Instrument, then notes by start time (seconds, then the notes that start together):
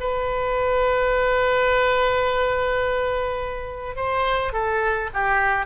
oboe
0.00 B4
3.96 C5
4.53 A4
5.14 G4